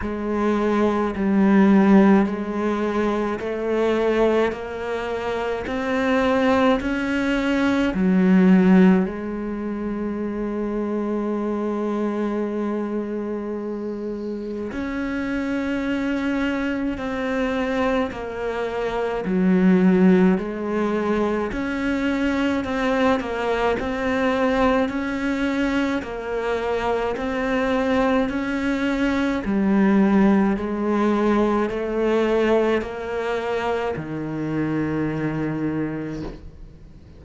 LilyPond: \new Staff \with { instrumentName = "cello" } { \time 4/4 \tempo 4 = 53 gis4 g4 gis4 a4 | ais4 c'4 cis'4 fis4 | gis1~ | gis4 cis'2 c'4 |
ais4 fis4 gis4 cis'4 | c'8 ais8 c'4 cis'4 ais4 | c'4 cis'4 g4 gis4 | a4 ais4 dis2 | }